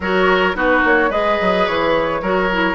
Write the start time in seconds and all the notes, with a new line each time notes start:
0.00 F#3 F#4 A#4 C#5
0.54 B3 D#4 F#4 B4
0.84 A#3 C#5
1.10 G#3 G#4 B4 D#5
1.40 F#3
1.66 E3 C#5
2.21 F#3 F#4 A#4
2.52 E4